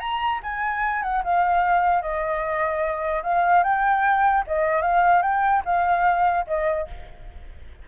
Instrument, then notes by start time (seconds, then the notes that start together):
flute
0.00 A#5
0.43 G#5
1.03 F#5
1.24 F5
2.02 D#5
3.23 F5
3.64 G5
4.47 D#5
4.82 F5
5.23 G5
5.65 F5
6.47 D#5